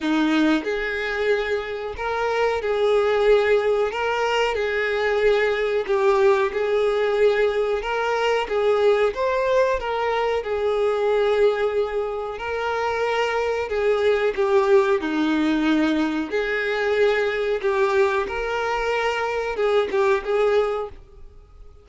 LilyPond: \new Staff \with { instrumentName = "violin" } { \time 4/4 \tempo 4 = 92 dis'4 gis'2 ais'4 | gis'2 ais'4 gis'4~ | gis'4 g'4 gis'2 | ais'4 gis'4 c''4 ais'4 |
gis'2. ais'4~ | ais'4 gis'4 g'4 dis'4~ | dis'4 gis'2 g'4 | ais'2 gis'8 g'8 gis'4 | }